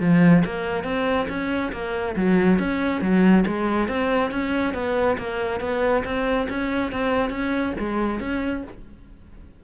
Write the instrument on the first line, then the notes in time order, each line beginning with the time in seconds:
cello
0.00 F3
0.45 A#3
0.83 C4
1.29 C#4
1.72 A#3
2.16 F#3
2.59 C#4
3.01 F#3
3.46 G#3
3.88 C4
4.30 C#4
4.73 B3
5.17 A#3
5.60 B3
6.04 C4
6.49 C#4
6.91 C4
7.29 C#4
7.79 G#3
8.19 C#4